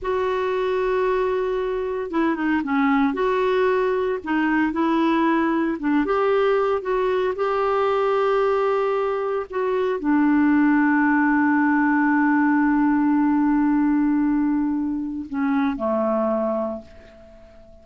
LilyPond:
\new Staff \with { instrumentName = "clarinet" } { \time 4/4 \tempo 4 = 114 fis'1 | e'8 dis'8 cis'4 fis'2 | dis'4 e'2 d'8 g'8~ | g'4 fis'4 g'2~ |
g'2 fis'4 d'4~ | d'1~ | d'1~ | d'4 cis'4 a2 | }